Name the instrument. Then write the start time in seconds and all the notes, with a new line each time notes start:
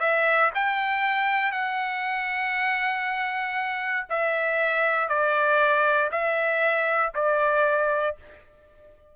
trumpet
0.00 E5
0.55 G5
1.52 F#5
4.10 E5
5.09 D5
6.11 E5
7.15 D5